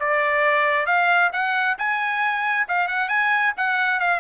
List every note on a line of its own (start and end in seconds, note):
0.00 0.86 D5
0.86 1.31 F5
1.33 1.77 F#5
1.78 2.67 G#5
2.68 2.88 F5
2.88 3.09 F#5
3.09 3.53 G#5
3.57 4.00 F#5
4.00 4.20 F5